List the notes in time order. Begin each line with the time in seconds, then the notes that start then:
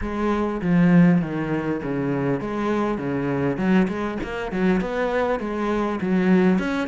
0.01 G#3
0.61 F3
1.21 D#3
1.82 C#3
2.40 G#3
2.98 C#3
3.57 F#3
3.88 G#3
4.23 A#3
4.51 F#3
4.80 B3
5.39 G#3
6.01 F#3
6.58 C#4